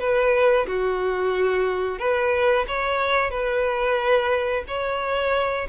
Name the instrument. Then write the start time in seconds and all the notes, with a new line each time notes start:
violin
0.00 B4
0.68 F#4
1.99 B4
2.68 C#5
3.31 B4
4.68 C#5